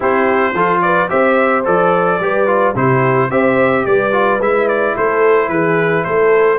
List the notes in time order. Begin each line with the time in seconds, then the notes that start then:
0.00 C4 E4 G4 C5
0.53 F3 F4 A4
0.81 B4 D5
1.09 C4 G4 C5 E5
1.64 F3 A4 D5
2.19 G3 G4 B4
2.46 F4
2.75 C3 E4 G4 C5
3.28 C4 G4 C5 E5
3.85 G3 B4 D5
4.12 F4
4.39 G#3 E4 E5
4.68 D5
4.96 A3 A4 C5
5.48 E3 G#4 B4
6.04 A3 A4 C5